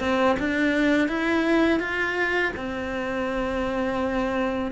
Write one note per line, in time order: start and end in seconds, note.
0.00 0.36 C4
0.39 1.08 D4
1.08 1.80 E4
1.80 2.52 F4
2.56 4.72 C4